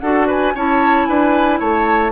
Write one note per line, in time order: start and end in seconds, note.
0.00 0.54 D4
0.00 0.56 F#4
0.00 0.27 A4
0.00 0.26 F#5
0.27 0.54 B4
0.27 0.57 G#5
0.55 1.08 C#4
0.55 2.12 E4
0.55 1.08 C#5
0.55 1.06 A5
1.06 1.61 D4
1.06 1.59 B4
1.06 1.58 G#5
1.59 2.12 A3
1.59 2.12 C#5
1.59 2.12 A5